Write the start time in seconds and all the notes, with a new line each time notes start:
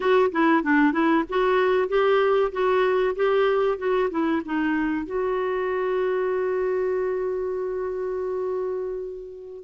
0.00 F#4
0.31 E4
0.63 D4
0.92 E4
1.29 F#4
1.88 G4
2.51 F#4
3.15 G4
3.78 F#4
4.10 E4
4.45 D#4
5.06 F#4